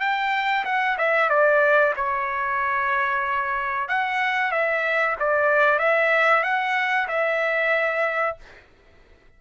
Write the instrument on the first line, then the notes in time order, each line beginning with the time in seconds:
trumpet
0.00 G5
0.65 F#5
0.98 E5
1.29 D5
1.96 C#5
3.88 F#5
4.51 E5
5.19 D5
5.79 E5
6.43 F#5
7.08 E5